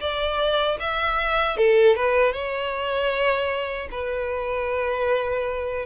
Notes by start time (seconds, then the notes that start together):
0.00 D5
0.80 E5
1.57 A4
1.96 B4
2.32 C#5
3.91 B4